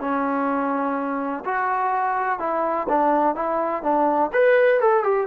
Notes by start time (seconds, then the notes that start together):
0.00 C#4
1.45 F#4
2.39 E4
2.89 D4
3.35 E4
3.83 D4
4.33 B4
4.80 A4
5.04 G4